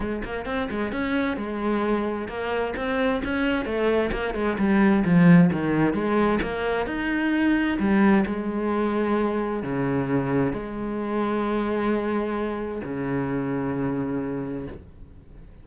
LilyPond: \new Staff \with { instrumentName = "cello" } { \time 4/4 \tempo 4 = 131 gis8 ais8 c'8 gis8 cis'4 gis4~ | gis4 ais4 c'4 cis'4 | a4 ais8 gis8 g4 f4 | dis4 gis4 ais4 dis'4~ |
dis'4 g4 gis2~ | gis4 cis2 gis4~ | gis1 | cis1 | }